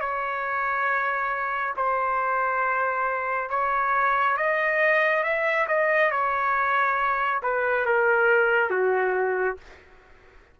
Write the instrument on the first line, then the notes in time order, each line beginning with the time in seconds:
trumpet
0.00 C#5
1.76 C5
3.49 C#5
4.37 D#5
5.23 E5
5.68 D#5
6.11 C#5
7.42 B4
7.86 A#4
8.70 F#4